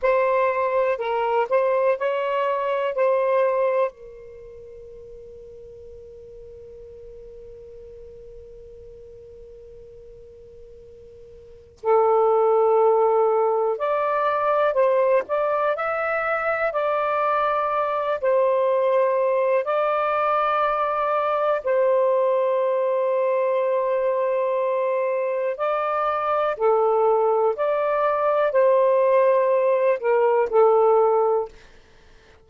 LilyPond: \new Staff \with { instrumentName = "saxophone" } { \time 4/4 \tempo 4 = 61 c''4 ais'8 c''8 cis''4 c''4 | ais'1~ | ais'1 | a'2 d''4 c''8 d''8 |
e''4 d''4. c''4. | d''2 c''2~ | c''2 d''4 a'4 | d''4 c''4. ais'8 a'4 | }